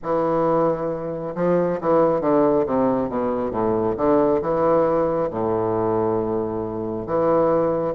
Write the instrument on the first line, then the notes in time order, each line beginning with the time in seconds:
bassoon
0.02 E3
1.35 F3
1.80 E3
2.21 D3
2.66 C3
3.09 B2
3.51 A2
3.96 D3
4.41 E3
5.30 A2
7.06 E3